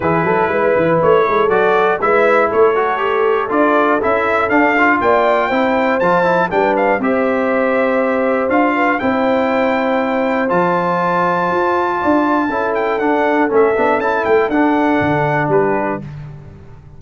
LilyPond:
<<
  \new Staff \with { instrumentName = "trumpet" } { \time 4/4 \tempo 4 = 120 b'2 cis''4 d''4 | e''4 cis''2 d''4 | e''4 f''4 g''2 | a''4 g''8 f''8 e''2~ |
e''4 f''4 g''2~ | g''4 a''2.~ | a''4. g''8 fis''4 e''4 | a''8 g''8 fis''2 b'4 | }
  \new Staff \with { instrumentName = "horn" } { \time 4/4 gis'8 a'8 b'4. a'4. | b'4 a'2.~ | a'2 d''4 c''4~ | c''4 b'4 c''2~ |
c''4. b'8 c''2~ | c''1 | d''4 a'2.~ | a'2. g'4 | }
  \new Staff \with { instrumentName = "trombone" } { \time 4/4 e'2. fis'4 | e'4. fis'8 g'4 f'4 | e'4 d'8 f'4. e'4 | f'8 e'8 d'4 g'2~ |
g'4 f'4 e'2~ | e'4 f'2.~ | f'4 e'4 d'4 cis'8 d'8 | e'4 d'2. | }
  \new Staff \with { instrumentName = "tuba" } { \time 4/4 e8 fis8 gis8 e8 a8 gis8 fis4 | gis4 a2 d'4 | cis'4 d'4 ais4 c'4 | f4 g4 c'2~ |
c'4 d'4 c'2~ | c'4 f2 f'4 | d'4 cis'4 d'4 a8 b8 | cis'8 a8 d'4 d4 g4 | }
>>